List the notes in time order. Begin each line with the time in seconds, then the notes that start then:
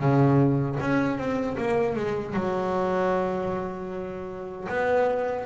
0.00 C#3
0.80 C#4
1.18 C4
1.57 A#3
1.96 G#3
2.34 F#3
4.68 B3